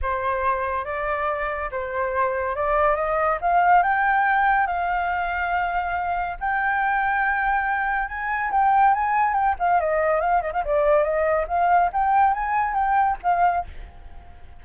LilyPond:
\new Staff \with { instrumentName = "flute" } { \time 4/4 \tempo 4 = 141 c''2 d''2 | c''2 d''4 dis''4 | f''4 g''2 f''4~ | f''2. g''4~ |
g''2. gis''4 | g''4 gis''4 g''8 f''8 dis''4 | f''8 dis''16 f''16 d''4 dis''4 f''4 | g''4 gis''4 g''4 f''4 | }